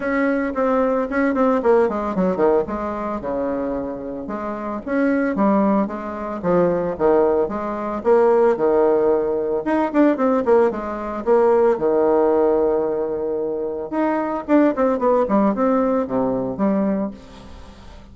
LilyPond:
\new Staff \with { instrumentName = "bassoon" } { \time 4/4 \tempo 4 = 112 cis'4 c'4 cis'8 c'8 ais8 gis8 | fis8 dis8 gis4 cis2 | gis4 cis'4 g4 gis4 | f4 dis4 gis4 ais4 |
dis2 dis'8 d'8 c'8 ais8 | gis4 ais4 dis2~ | dis2 dis'4 d'8 c'8 | b8 g8 c'4 c4 g4 | }